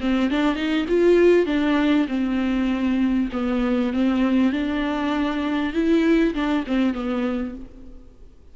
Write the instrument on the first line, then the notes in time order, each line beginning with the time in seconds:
viola
0.00 C4
0.30 D4
0.55 D#4
0.88 F4
1.46 D4
2.08 C4
3.32 B3
3.93 C4
4.52 D4
5.73 E4
6.34 D4
6.67 C4
6.94 B3